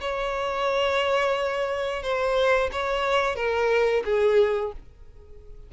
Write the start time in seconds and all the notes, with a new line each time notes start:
0.00 C#5
2.02 C5
2.72 C#5
3.35 A#4
4.04 G#4